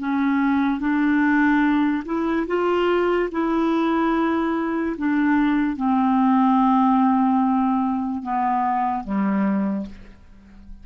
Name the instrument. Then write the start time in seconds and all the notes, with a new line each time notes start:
clarinet
0.00 C#4
0.81 D4
2.06 E4
2.48 F4
3.32 E4
4.98 D4
5.77 C4
8.23 B3
9.04 G3